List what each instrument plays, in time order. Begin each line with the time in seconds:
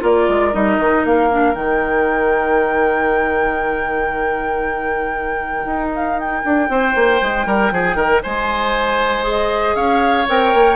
0.00 bassoon A#3, clarinet F4, oboe A#4, flute D5
0.28 bassoon G#3
0.53 bassoon G3, clarinet D#4, flute D#5
0.78 bassoon D#3
1.04 bassoon A#3, flute F5
1.31 clarinet D4
1.53 bassoon D#3, clarinet D#4, flute G5
5.65 bassoon D#4
5.94 flute F5
6.19 flute G5
6.44 bassoon D4
6.68 bassoon C4, oboe C5
6.95 bassoon A#3
7.21 bassoon G#3
7.46 bassoon G3, oboe A#4
7.71 bassoon F3, oboe G#4
7.95 bassoon D#3, oboe A#4
8.22 bassoon G#3, oboe C5, flute G#5
9.22 clarinet G#4
9.28 flute D#5
9.75 bassoon C#4, oboe C#5, flute F5
10.28 bassoon C4, clarinet A#4, flute G5
10.54 bassoon A#3